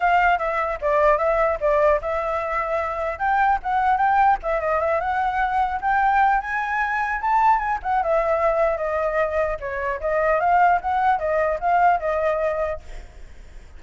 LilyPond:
\new Staff \with { instrumentName = "flute" } { \time 4/4 \tempo 4 = 150 f''4 e''4 d''4 e''4 | d''4 e''2. | g''4 fis''4 g''4 e''8 dis''8 | e''8 fis''2 g''4. |
gis''2 a''4 gis''8 fis''8 | e''2 dis''2 | cis''4 dis''4 f''4 fis''4 | dis''4 f''4 dis''2 | }